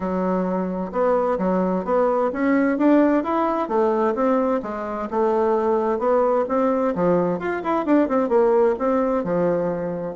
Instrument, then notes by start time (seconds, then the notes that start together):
bassoon
0.00 F#3
0.92 B3
1.38 F#3
1.84 B3
2.32 C#4
2.78 D4
3.23 E4
3.68 A3
4.14 C4
4.62 G#3
5.10 A3
5.98 B3
6.48 C4
6.95 F3
7.39 F4
7.63 E4
7.85 D4
8.08 C4
8.28 A#3
8.78 C4
9.23 F3